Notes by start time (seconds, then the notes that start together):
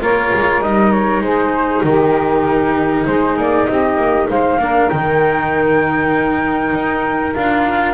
0.00 A#3 F4 A#4 C#5
0.34 G#3
0.61 G3 D#4 D#5
0.91 C#5
1.20 G#3 G#4 C5
1.83 D#3 G4 A#4
3.06 G#3 G#4 C5
3.37 A#3 D5
3.66 C4 G4 D#5
3.96 A#3
4.29 G#3 C5 F5
4.59 A#3 D4 A#4
4.89 D#3 D#4 G5
6.73 D#4
7.34 D4 F4 F5